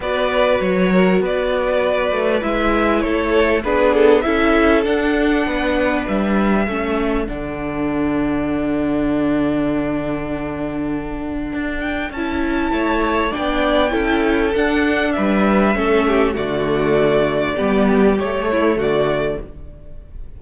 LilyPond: <<
  \new Staff \with { instrumentName = "violin" } { \time 4/4 \tempo 4 = 99 d''4 cis''4 d''2 | e''4 cis''4 b'8 a'8 e''4 | fis''2 e''2 | fis''1~ |
fis''2.~ fis''8 g''8 | a''2 g''2 | fis''4 e''2 d''4~ | d''2 cis''4 d''4 | }
  \new Staff \with { instrumentName = "violin" } { \time 4/4 b'4. ais'8 b'2~ | b'4 a'4 gis'4 a'4~ | a'4 b'2 a'4~ | a'1~ |
a'1~ | a'4 cis''4 d''4 a'4~ | a'4 b'4 a'8 g'8 fis'4~ | fis'4 g'4. e'8 fis'4 | }
  \new Staff \with { instrumentName = "viola" } { \time 4/4 fis'1 | e'2 d'4 e'4 | d'2. cis'4 | d'1~ |
d'1 | e'2 d'4 e'4 | d'2 cis'4 a4~ | a4 b4 a2 | }
  \new Staff \with { instrumentName = "cello" } { \time 4/4 b4 fis4 b4. a8 | gis4 a4 b4 cis'4 | d'4 b4 g4 a4 | d1~ |
d2. d'4 | cis'4 a4 b4 cis'4 | d'4 g4 a4 d4~ | d4 g4 a4 d4 | }
>>